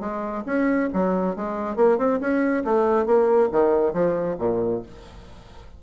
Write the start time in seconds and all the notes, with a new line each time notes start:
0.00 G#3
0.45 C#4
0.93 F#3
1.36 G#3
1.76 A#3
1.98 C4
2.20 C#4
2.64 A3
3.06 A#3
3.52 D#3
3.93 F3
4.39 A#2